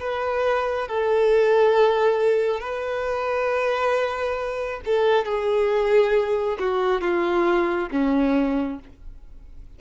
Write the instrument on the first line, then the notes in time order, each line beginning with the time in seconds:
violin
0.00 B4
0.88 A4
2.60 B4
4.85 A4
5.25 G#4
6.59 F#4
7.01 F4
7.91 C#4